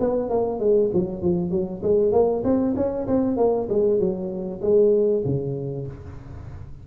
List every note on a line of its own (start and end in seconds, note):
0.00 0.30 B3
0.30 0.60 A#3
0.60 0.91 G#3
0.94 1.22 F#3
1.22 1.51 F3
1.51 1.82 F#3
1.83 2.12 G#3
2.12 2.43 A#3
2.44 2.75 C4
2.76 3.07 C#4
3.08 3.37 C4
3.37 3.68 A#3
3.69 4.00 G#3
4.00 4.61 F#3
4.62 5.24 G#3
5.25 5.87 C#3